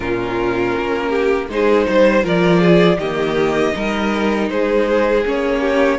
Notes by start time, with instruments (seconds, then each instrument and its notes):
0.00 cello A#2, viola C#4, violin F4 A#4
0.77 cello A#3
1.08 violin G4
1.49 cello G#3, viola D#4, violin G#4 C5
1.87 cello G3, violin C5
2.23 cello F3, viola F4, violin A#4 D5
2.60 violin G#4
2.97 cello D#3, viola A#3, violin G4 D#5
3.73 cello G3, viola D#4, violin A#4
4.49 cello G#3, violin G#4 C5
5.25 cello A#3, viola C#4, violin C#5
5.60 violin G4